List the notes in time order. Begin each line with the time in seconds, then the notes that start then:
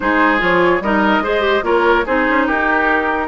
0.00 G#3 D#4 G#4 C5
0.38 F3 F4 C#5
0.80 G3 D#4 A#4 D#5
1.19 G#3 G#4 C5
1.41 G4
1.62 A#3 F4 A#4 C#5
2.05 C4 D#4 G#4 C5
2.29 C#4
2.46 D#4 G4 A#4